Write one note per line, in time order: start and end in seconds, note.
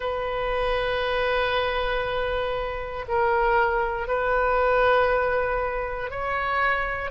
0.00 3.05 B4
3.07 4.07 A#4
4.07 6.10 B4
6.10 7.10 C#5